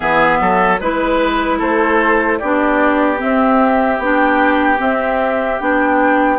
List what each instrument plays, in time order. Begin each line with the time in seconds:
0.00 bassoon E3, clarinet B3, oboe G#4, flute E5
0.40 bassoon F#3, oboe A4
0.80 bassoon G#3, clarinet E4, flute B4, oboe B4
1.58 bassoon A3, oboe A4, flute C5
2.38 bassoon B3, clarinet D4, oboe G4, flute D5
3.17 clarinet C4, bassoon C4, flute E5
3.98 bassoon B3, clarinet D4, flute G5
4.77 clarinet C4, bassoon C4, flute E5
5.59 bassoon B3, clarinet D4, flute G5